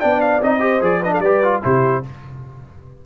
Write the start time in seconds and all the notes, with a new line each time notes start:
0.00 B3 D4 D5 G5
0.21 F5
0.41 C4 D#4 D#5
0.60 G4 C5
0.81 F3 G#4 D5
1.00 D4 B4 D#5
1.11 A4 F5
1.19 G3 G4 B4 D5
1.43 F4
1.62 C3 E4 G4 C5